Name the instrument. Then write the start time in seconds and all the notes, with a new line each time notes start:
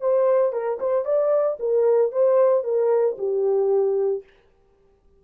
horn
0.00 C5
0.52 A#4
0.79 C5
1.05 D5
1.59 A#4
2.12 C5
2.64 A#4
3.18 G4